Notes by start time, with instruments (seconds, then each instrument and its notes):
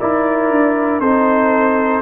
0.00 tuba D#4, trombone E4, horn A#4, trumpet D5
0.50 tuba D4
1.00 tuba C4, trombone D#4, horn A4, trumpet C5